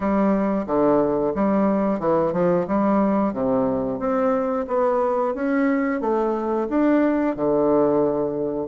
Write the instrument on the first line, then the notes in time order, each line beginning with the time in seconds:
bassoon
0.00 G3
0.66 D3
1.34 G3
1.99 E3
2.32 F3
2.67 G3
3.33 C3
3.99 C4
4.67 B3
5.34 C#4
6.01 A3
6.69 D4
7.36 D3